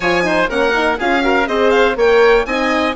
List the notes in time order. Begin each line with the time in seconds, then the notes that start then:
0.00 F3 F4 C#5 G#5
0.23 D#4 C5
0.49 A#3 C#4 A#4 F#5
0.74 D#4
0.98 C#4 F4 G#4 F5
1.21 F#4 A#4
1.47 C4 G#4 C5 D#5
1.70 F5
1.95 A#3 A#4 C#5 G5
2.45 C4 D#4 D#5 G#5